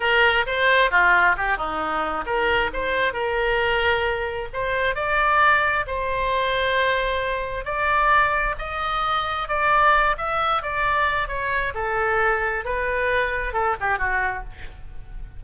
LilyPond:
\new Staff \with { instrumentName = "oboe" } { \time 4/4 \tempo 4 = 133 ais'4 c''4 f'4 g'8 dis'8~ | dis'4 ais'4 c''4 ais'4~ | ais'2 c''4 d''4~ | d''4 c''2.~ |
c''4 d''2 dis''4~ | dis''4 d''4. e''4 d''8~ | d''4 cis''4 a'2 | b'2 a'8 g'8 fis'4 | }